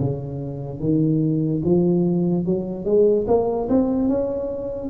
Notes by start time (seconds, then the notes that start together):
0.00 C#3
0.80 D#3
1.65 F3
2.45 F#3
2.85 G#3
3.28 A#3
3.69 C4
4.09 C#4